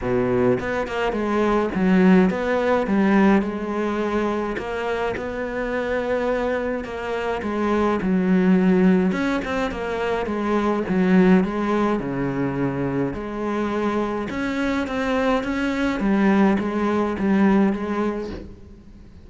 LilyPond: \new Staff \with { instrumentName = "cello" } { \time 4/4 \tempo 4 = 105 b,4 b8 ais8 gis4 fis4 | b4 g4 gis2 | ais4 b2. | ais4 gis4 fis2 |
cis'8 c'8 ais4 gis4 fis4 | gis4 cis2 gis4~ | gis4 cis'4 c'4 cis'4 | g4 gis4 g4 gis4 | }